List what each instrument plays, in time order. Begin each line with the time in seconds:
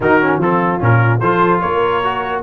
0.00 tuba D#3, trombone D#4, horn F#4, trumpet A#4
0.22 trombone C#4
0.37 tuba F3, trombone C4, horn F4, trumpet A4
0.79 tuba A#2, trombone C#4, trumpet A#4
1.20 tuba F3, trombone F4, horn A4, trumpet C5
1.60 tuba A#3, horn A#4, trumpet C#5
2.03 trombone F#4